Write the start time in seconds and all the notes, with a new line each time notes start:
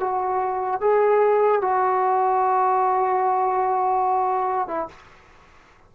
0.00 F#4
0.81 G#4
1.62 F#4
4.68 E4